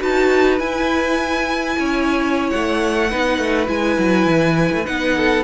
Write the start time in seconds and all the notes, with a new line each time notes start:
0.00 D#4 F#4 B4 A5
0.59 E4 G#5
1.79 C#4 C#5
2.50 A3 F#5
3.10 B3 D#4 B4
3.38 A3
3.67 G#3 E4 G#5
3.99 F#3
4.27 E3
4.72 A3
4.85 B3 D#4 F#5
5.17 A4